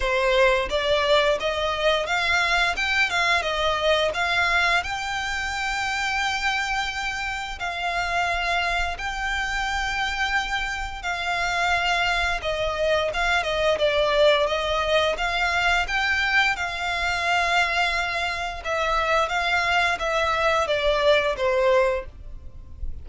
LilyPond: \new Staff \with { instrumentName = "violin" } { \time 4/4 \tempo 4 = 87 c''4 d''4 dis''4 f''4 | g''8 f''8 dis''4 f''4 g''4~ | g''2. f''4~ | f''4 g''2. |
f''2 dis''4 f''8 dis''8 | d''4 dis''4 f''4 g''4 | f''2. e''4 | f''4 e''4 d''4 c''4 | }